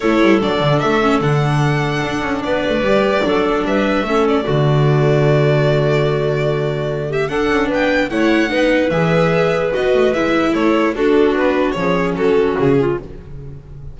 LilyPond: <<
  \new Staff \with { instrumentName = "violin" } { \time 4/4 \tempo 4 = 148 cis''4 d''4 e''4 fis''4~ | fis''2 d''2~ | d''4 e''4. d''4.~ | d''1~ |
d''4. e''8 fis''4 g''4 | fis''2 e''2 | dis''4 e''4 cis''4 a'4 | b'4 cis''4 a'4 gis'4 | }
  \new Staff \with { instrumentName = "clarinet" } { \time 4/4 a'1~ | a'2 b'2 | a'4 b'4 a'4 fis'4~ | fis'1~ |
fis'4. g'8 a'4 b'4 | cis''4 b'2.~ | b'2 a'4 fis'4~ | fis'4 gis'4 fis'4. f'8 | }
  \new Staff \with { instrumentName = "viola" } { \time 4/4 e'4 d'4. cis'8 d'4~ | d'2. g'4 | d'2 cis'4 a4~ | a1~ |
a2 d'2 | e'4 dis'4 gis'2 | fis'4 e'2 d'4~ | d'4 cis'2. | }
  \new Staff \with { instrumentName = "double bass" } { \time 4/4 a8 g8 fis8 d8 a4 d4~ | d4 d'8 cis'8 b8 a8 g4 | fis4 g4 a4 d4~ | d1~ |
d2 d'8 cis'8 b4 | a4 b4 e2 | b8 a8 gis4 a4 d'4 | b4 f4 fis4 cis4 | }
>>